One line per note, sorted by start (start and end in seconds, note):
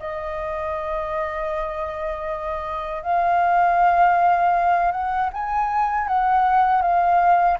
0.00 3.03 D#5
3.03 4.92 F5
4.92 5.30 F#5
5.33 6.08 G#5
6.08 6.82 F#5
6.82 7.58 F5